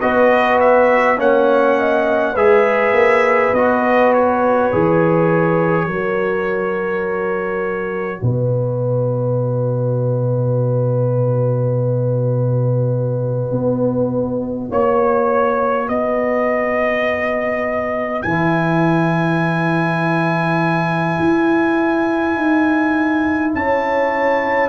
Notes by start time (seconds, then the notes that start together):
0.00 B3 F#4 B4 D#5
0.59 E5
1.17 A#3 C#4 C#5 F#5
1.78 D#5
2.32 G#3 G#4 B4 E5
2.92 A#3
3.53 B3 F#4 D#5
4.13 C#5
4.72 E3 G#4
5.86 F#3 F#4 A#4
8.22 B2 B4 D#5
13.51 B3
14.69 A#3 C#5
15.86 B3 B4 D#5
18.22 E3 E4 G#5
21.19 E4
22.36 D#4
23.54 C#4 C#5 A5